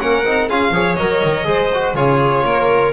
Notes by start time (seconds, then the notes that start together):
0.00 A#3 C#4 A#4 F#5
0.25 C4 D#4
0.49 C#4 F4 G#4 F5
0.71 F3 G#4 C#5
0.96 F#3 A#4 D#5
1.24 D#3
1.45 G#3 G#4 C5
1.74 F#4
1.95 C#3 F4 G#4 C#5
2.45 A#3 A#4